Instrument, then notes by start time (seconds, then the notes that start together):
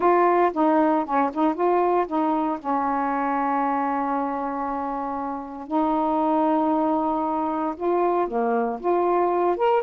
saxophone
0.00 F4
0.53 D#4
1.05 C#4
1.33 D#4
1.54 F4
2.07 D#4
2.59 C#4
5.67 D#4
7.76 F4
8.27 A#3
8.80 F4
9.56 A#4